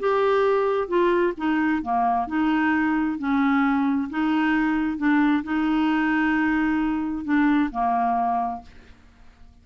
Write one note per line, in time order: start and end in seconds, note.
0.00 0.88 G4
0.88 1.34 F4
1.38 1.83 D#4
1.83 2.28 A#3
2.28 3.19 D#4
3.19 4.10 C#4
4.11 4.98 D#4
4.98 5.44 D4
5.44 7.25 D#4
7.25 7.70 D4
7.72 8.63 A#3